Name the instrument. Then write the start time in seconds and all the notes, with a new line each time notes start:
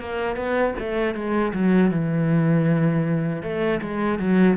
cello
0.00 A#3
0.36 B3
0.79 A3
1.15 G#3
1.54 F#3
1.91 E3
3.43 A3
3.81 G#3
4.19 F#3